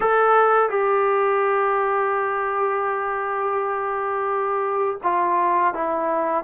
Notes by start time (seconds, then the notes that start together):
0.00 A4
0.69 G4
5.03 F4
5.74 E4